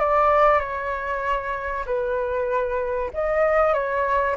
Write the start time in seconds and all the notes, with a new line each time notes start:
0.00 D5
0.60 C#5
1.86 B4
3.14 D#5
3.74 C#5